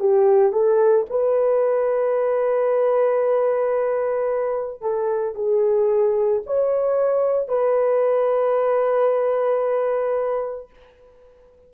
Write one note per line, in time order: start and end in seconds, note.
0.00 0.53 G4
0.53 1.06 A4
1.11 4.82 B4
4.82 5.35 A4
5.35 6.42 G#4
6.47 7.49 C#5
7.49 10.70 B4